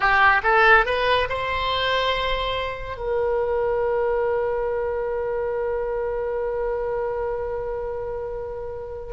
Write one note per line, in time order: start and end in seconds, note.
0.00 0.41 G4
0.43 0.85 A4
0.85 1.28 B4
1.29 2.97 C5
2.97 9.13 A#4